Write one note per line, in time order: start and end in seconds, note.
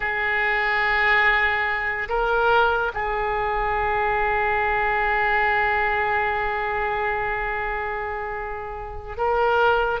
0.00 2.08 G#4
2.08 2.92 A#4
2.94 9.17 G#4
9.17 10.00 A#4